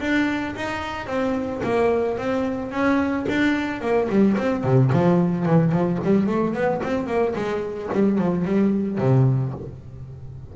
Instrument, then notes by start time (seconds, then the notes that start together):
double bass
0.00 D4
0.56 D#4
1.06 C4
1.63 A#3
2.17 C4
2.71 C#4
3.29 D4
3.81 A#3
4.09 G3
4.37 C4
4.63 C3
4.92 F3
5.45 E3
5.71 F3
6.04 G3
6.26 A3
6.54 B3
6.83 C4
7.06 A#3
7.35 G#3
7.93 G3
8.18 F3
8.45 G3
8.98 C3